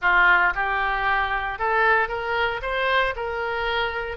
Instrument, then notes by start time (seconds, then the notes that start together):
oboe
0.01 F4
0.54 G4
1.58 A4
2.08 A#4
2.62 C5
3.15 A#4